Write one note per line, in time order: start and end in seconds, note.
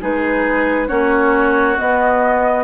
0.00 0.90 G#3
0.00 0.87 D#4
0.00 0.87 G#4
0.00 0.88 B4
0.87 1.78 A#3
0.87 1.76 C#4
0.87 2.63 F#4
0.87 1.76 C#5
1.77 2.63 B3
1.77 2.63 D#5